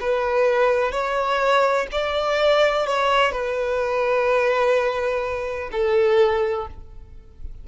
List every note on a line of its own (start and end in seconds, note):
0.00 0.91 B4
0.91 1.87 C#5
1.91 2.86 D5
2.86 3.31 C#5
3.31 5.69 B4
5.71 6.67 A4